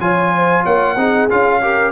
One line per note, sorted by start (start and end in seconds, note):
0.00 0.64 F3
0.00 0.96 F4
0.00 0.33 C#5
0.00 0.64 G#5
0.36 0.63 C5
0.63 0.96 A#3
0.63 0.95 C#5
0.63 1.29 F#5
0.96 1.28 C4
0.96 1.29 D#4
0.96 1.61 G#4
1.30 1.92 C#4
1.30 1.62 F4
1.30 1.92 F5
1.62 1.92 G4
1.62 1.92 A#4